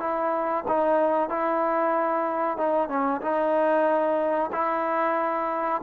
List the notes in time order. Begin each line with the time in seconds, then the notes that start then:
0.00 E4
0.68 D#4
1.30 E4
2.58 D#4
2.89 C#4
3.22 D#4
4.52 E4